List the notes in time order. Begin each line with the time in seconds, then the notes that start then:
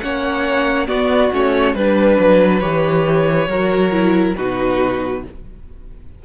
0.00 A#3 C#4 C#5 F#5
0.87 B3 F#4 D5
1.32 A3 C#4 C#5
1.74 G3 D4 B4
2.19 F#3
2.59 E3 G4 C#5
3.47 F#3 F#4 A#4
3.91 E4
4.36 B2 D#4 F#4 B4